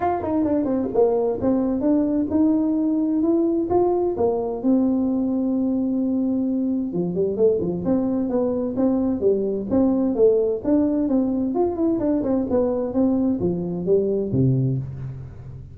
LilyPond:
\new Staff \with { instrumentName = "tuba" } { \time 4/4 \tempo 4 = 130 f'8 dis'8 d'8 c'8 ais4 c'4 | d'4 dis'2 e'4 | f'4 ais4 c'2~ | c'2. f8 g8 |
a8 f8 c'4 b4 c'4 | g4 c'4 a4 d'4 | c'4 f'8 e'8 d'8 c'8 b4 | c'4 f4 g4 c4 | }